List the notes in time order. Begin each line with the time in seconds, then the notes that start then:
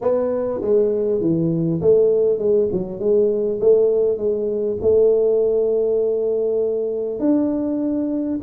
0.01 B3
0.61 G#3
1.21 E3
1.81 A3
2.38 G#3
2.71 F#3
2.99 G#3
3.60 A3
4.17 G#3
4.81 A3
7.19 D4